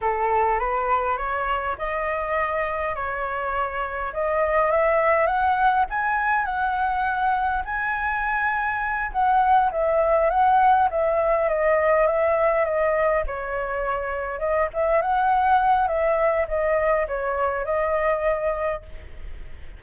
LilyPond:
\new Staff \with { instrumentName = "flute" } { \time 4/4 \tempo 4 = 102 a'4 b'4 cis''4 dis''4~ | dis''4 cis''2 dis''4 | e''4 fis''4 gis''4 fis''4~ | fis''4 gis''2~ gis''8 fis''8~ |
fis''8 e''4 fis''4 e''4 dis''8~ | dis''8 e''4 dis''4 cis''4.~ | cis''8 dis''8 e''8 fis''4. e''4 | dis''4 cis''4 dis''2 | }